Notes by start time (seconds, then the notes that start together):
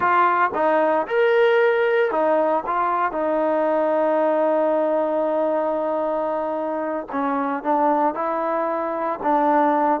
0.00 F4
0.54 D#4
1.07 A#4
2.11 D#4
2.66 F4
3.12 D#4
7.11 C#4
7.63 D4
8.14 E4
9.22 D4